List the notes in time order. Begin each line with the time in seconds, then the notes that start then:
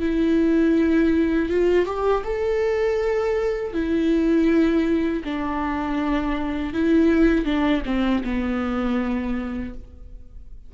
0.00 E4
1.49 F4
1.86 G4
2.24 A4
3.73 E4
5.24 D4
6.73 E4
7.45 D4
7.85 C4
8.24 B3